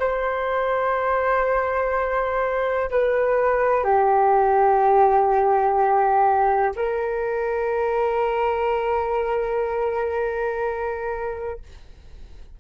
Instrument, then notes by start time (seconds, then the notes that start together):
flute
0.00 C5
2.91 B4
3.84 G4
6.77 A#4